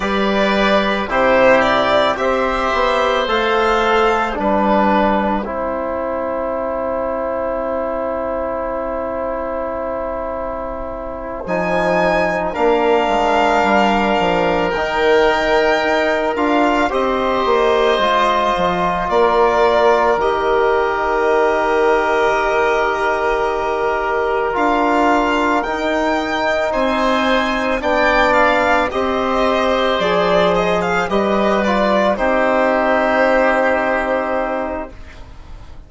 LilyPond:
<<
  \new Staff \with { instrumentName = "violin" } { \time 4/4 \tempo 4 = 55 d''4 c''8 d''8 e''4 f''4 | g''1~ | g''2~ g''8 gis''4 f''8~ | f''4. g''4. f''8 dis''8~ |
dis''4. d''4 dis''4.~ | dis''2~ dis''8 f''4 g''8~ | g''8 gis''4 g''8 f''8 dis''4 d''8 | dis''16 f''16 dis''8 d''8 c''2~ c''8 | }
  \new Staff \with { instrumentName = "oboe" } { \time 4/4 b'4 g'4 c''2 | b'4 c''2.~ | c''2.~ c''8 ais'8~ | ais'2.~ ais'8 c''8~ |
c''4. ais'2~ ais'8~ | ais'1~ | ais'8 c''4 d''4 c''4.~ | c''8 b'4 g'2~ g'8 | }
  \new Staff \with { instrumentName = "trombone" } { \time 4/4 g'4 e'4 g'4 a'4 | d'4 e'2.~ | e'2~ e'8 dis'4 d'8~ | d'4. dis'4. f'8 g'8~ |
g'8 f'2 g'4.~ | g'2~ g'8 f'4 dis'8~ | dis'4. d'4 g'4 gis'8~ | gis'8 g'8 f'8 dis'2~ dis'8 | }
  \new Staff \with { instrumentName = "bassoon" } { \time 4/4 g4 c4 c'8 b8 a4 | g4 c'2.~ | c'2~ c'8 f4 ais8 | gis8 g8 f8 dis4 dis'8 d'8 c'8 |
ais8 gis8 f8 ais4 dis4.~ | dis2~ dis8 d'4 dis'8~ | dis'8 c'4 b4 c'4 f8~ | f8 g4 c'2~ c'8 | }
>>